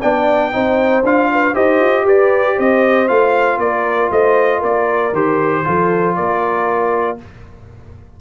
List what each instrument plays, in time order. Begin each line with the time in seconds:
0.00 tuba B3, trombone D4, horn D5, trumpet G5
0.52 tuba C4, trombone D#4, horn C5
1.04 tuba D4, trombone F4, trumpet F5
1.32 horn B4
1.54 tuba D#4, trombone G4, horn C5, trumpet D#5
1.80 tuba F4
2.05 tuba G4, horn B4, trumpet D5
2.57 tuba C4, horn C5, trumpet D#5
3.08 tuba A3, trombone F4, trumpet F5
3.59 tuba A#3, horn A#4, trumpet D5
4.11 tuba A3, horn C5, trumpet D#5
4.59 tuba A#3, horn A#4, trumpet D5
5.13 tuba D#3, trombone G4, trumpet C5
5.65 tuba F3, trombone F4, horn A4
6.16 tuba A#3, horn A#4, trumpet D5